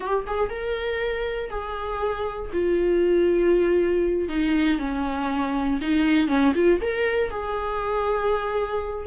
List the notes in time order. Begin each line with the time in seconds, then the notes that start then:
0.00 G4
0.26 G#4
0.49 A#4
1.49 G#4
2.52 F4
4.28 D#4
4.79 C#4
5.81 D#4
6.28 C#4
6.54 F4
6.81 A#4
7.30 G#4